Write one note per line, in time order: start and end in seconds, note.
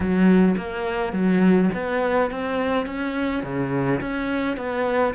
0.00 0.55 F#3
0.57 1.12 A#3
1.12 1.69 F#3
1.74 2.30 B3
2.30 2.86 C4
2.86 3.43 C#4
3.43 4.00 C#3
4.01 4.56 C#4
4.56 5.14 B3